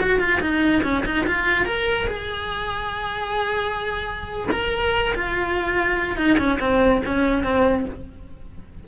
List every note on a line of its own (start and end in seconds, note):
0.00 0.19 F#4
0.19 0.40 F4
0.40 0.82 D#4
0.83 1.04 C#4
1.05 1.26 D#4
1.26 1.65 F4
1.65 2.07 A#4
2.07 4.48 G#4
4.51 5.14 A#4
5.14 6.17 F4
6.17 6.38 D#4
6.38 6.59 C#4
6.59 7.01 C4
7.05 7.43 C#4
7.43 7.85 C4